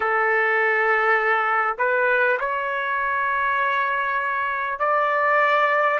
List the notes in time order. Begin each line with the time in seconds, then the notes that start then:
0.00 A4
1.78 B4
2.39 C#5
4.79 D5